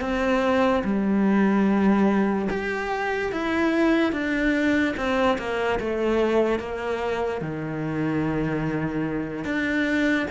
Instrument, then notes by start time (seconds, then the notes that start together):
cello
0.00 C4
0.84 G3
2.50 G4
3.32 E4
4.12 D4
4.97 C4
5.38 A#3
5.79 A3
6.59 A#3
7.41 D#3
9.44 D4